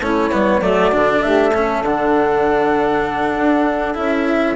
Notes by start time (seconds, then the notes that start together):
0.00 A3 C#4 E4 C#5
0.31 G3 B3
0.61 F#3 A3 F#4 D5
0.91 D3 D4
1.22 A3 G4 E5
1.53 C#4 A4
1.82 D3 D4 F#5
3.36 D4
3.94 C#4 E4 E5